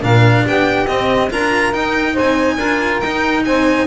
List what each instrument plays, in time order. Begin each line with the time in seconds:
0.00 double bass A#2, cello D4, saxophone A#4, violin F5
0.45 double bass B3, saxophone G4, violin G5
0.87 cello C4, double bass C4, violin D#5
1.30 double bass D4, cello F4, saxophone A#4, violin A#5
1.73 cello D#4, double bass D#4, violin G5
2.13 saxophone C5, violin G#5
2.19 double bass C4
2.57 double bass D4, cello F4, saxophone A#4
3.00 double bass D#4, cello D#4, violin G5
3.44 double bass C4, saxophone C5, violin G#5